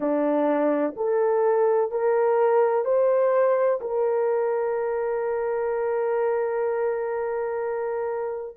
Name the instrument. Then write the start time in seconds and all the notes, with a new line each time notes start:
horn
0.00 D4
0.96 A4
1.91 A#4
2.84 C5
3.81 A#4